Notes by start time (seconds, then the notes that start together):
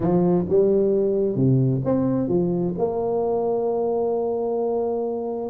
0.00 F3
0.48 G3
1.35 C3
1.84 C4
2.28 F3
2.78 A#3